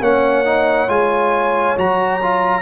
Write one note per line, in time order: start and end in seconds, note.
0.00 0.88 A#3
0.00 0.44 C#4
0.00 2.61 C#5
0.00 0.89 F#5
0.44 0.88 D#4
0.88 1.76 G#3
0.88 1.76 F4
0.88 1.77 G#5
1.76 2.61 F#3
1.76 2.21 F#4
1.76 2.61 A#5
2.22 2.61 F4